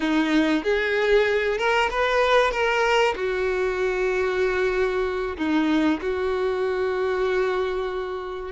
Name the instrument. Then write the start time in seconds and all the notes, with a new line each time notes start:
violin
0.00 D#4
0.63 G#4
1.58 A#4
1.90 B4
2.51 A#4
3.16 F#4
5.37 D#4
6.01 F#4